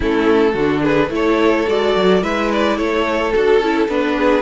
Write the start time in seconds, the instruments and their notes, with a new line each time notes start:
0.00 cello A3, viola C#4, violin E4 A4
0.53 cello D3, viola D4, violin F#4
0.82 violin G#4 B4
1.09 cello A3, viola E4, violin A4
1.15 violin C#5
1.68 cello G#3, viola F#4, violin D5
1.95 cello F#3
2.22 cello G#3, viola E4, violin B4 E5
2.52 violin D5
2.77 cello A3, violin A4 C#5
3.31 cello D4, viola F#4, violin A4
3.60 cello C#4, viola E4
3.88 cello B3, viola D4, violin B4
4.16 violin G#4